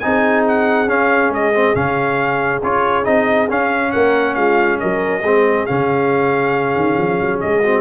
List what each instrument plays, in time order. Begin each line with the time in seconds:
0.00 tuba C4, trombone D#4, horn G#4, trumpet G#5
0.48 trumpet F#5
0.88 trombone C#4, tuba C#4, trumpet F5
1.30 tuba G#3, trumpet D#5
1.54 trombone C4
1.75 tuba C#3, trombone C#4, trumpet F5
2.63 tuba C#4, trombone F4, trumpet C#5
3.04 tuba C4, trombone D#4, trumpet D#5
3.50 trombone C#4, tuba C#4, trumpet F5
3.92 tuba A#3, horn A#4, trumpet F#5
4.35 tuba G#3, horn F4, trumpet F5
4.80 tuba F#3, horn A#4, trumpet D#5
5.23 tuba G#3, trombone C4, horn G#4
5.67 tuba C#3, trombone C#4, trumpet F5
6.76 tuba D#3
6.99 tuba F3
7.21 tuba F#3
7.41 tuba G#3, trumpet D#5
7.62 trombone C4, horn F#4